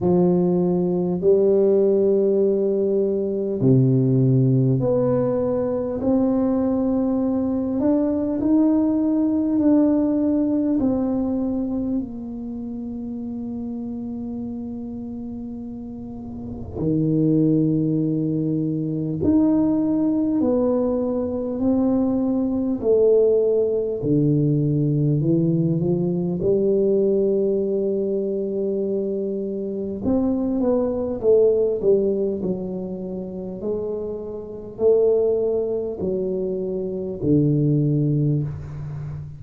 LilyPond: \new Staff \with { instrumentName = "tuba" } { \time 4/4 \tempo 4 = 50 f4 g2 c4 | b4 c'4. d'8 dis'4 | d'4 c'4 ais2~ | ais2 dis2 |
dis'4 b4 c'4 a4 | d4 e8 f8 g2~ | g4 c'8 b8 a8 g8 fis4 | gis4 a4 fis4 d4 | }